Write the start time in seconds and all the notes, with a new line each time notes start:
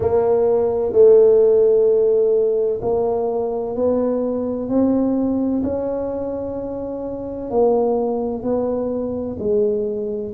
0.00 A#3
0.92 A3
2.81 A#3
3.75 B3
4.68 C4
5.63 C#4
7.50 A#3
8.42 B3
9.39 G#3